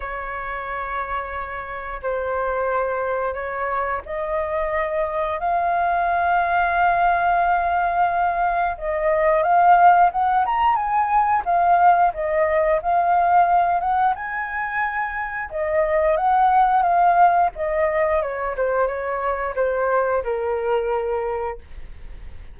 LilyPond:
\new Staff \with { instrumentName = "flute" } { \time 4/4 \tempo 4 = 89 cis''2. c''4~ | c''4 cis''4 dis''2 | f''1~ | f''4 dis''4 f''4 fis''8 ais''8 |
gis''4 f''4 dis''4 f''4~ | f''8 fis''8 gis''2 dis''4 | fis''4 f''4 dis''4 cis''8 c''8 | cis''4 c''4 ais'2 | }